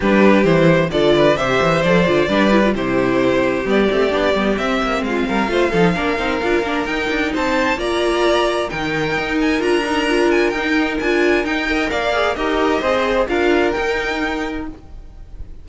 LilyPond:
<<
  \new Staff \with { instrumentName = "violin" } { \time 4/4 \tempo 4 = 131 b'4 c''4 d''4 e''4 | d''2 c''2 | d''2 e''4 f''4~ | f''2. g''4 |
a''4 ais''2 g''4~ | g''8 gis''8 ais''4. gis''8 g''4 | gis''4 g''4 f''4 dis''4~ | dis''4 f''4 g''2 | }
  \new Staff \with { instrumentName = "violin" } { \time 4/4 g'2 a'8 b'8 c''4~ | c''4 b'4 g'2~ | g'2. f'8 ais'8 | c''8 a'8 ais'2. |
c''4 d''2 ais'4~ | ais'1~ | ais'4. dis''8 d''4 ais'4 | c''4 ais'2. | }
  \new Staff \with { instrumentName = "viola" } { \time 4/4 d'4 e'4 f'4 g'4 | a'8 f'8 d'8 e'16 f'16 e'2 | b8 c'8 d'8 b8 c'2 | f'8 dis'8 d'8 dis'8 f'8 d'8 dis'4~ |
dis'4 f'2 dis'4~ | dis'4 f'8 dis'8 f'4 dis'4 | f'4 dis'8 ais'4 gis'8 g'4 | gis'4 f'4 dis'2 | }
  \new Staff \with { instrumentName = "cello" } { \time 4/4 g4 e4 d4 c8 e8 | f8 d8 g4 c2 | g8 a8 b8 g8 c'8 ais8 gis8 g8 | a8 f8 ais8 c'8 d'8 ais8 dis'8 d'8 |
c'4 ais2 dis4 | dis'4 d'2 dis'4 | d'4 dis'4 ais4 dis'4 | c'4 d'4 dis'2 | }
>>